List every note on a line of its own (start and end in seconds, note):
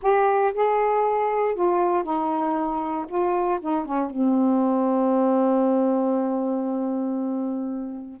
0.01 0.53 G4
0.54 1.55 G#4
1.55 2.03 F4
2.03 3.06 D#4
3.08 3.59 F4
3.60 3.85 D#4
3.85 4.10 C#4
4.10 8.20 C4